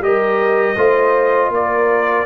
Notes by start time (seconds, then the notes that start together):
0.00 G3 G4 A#4 D#5
0.76 A3 F4 C5
1.49 A#3 A#4 D5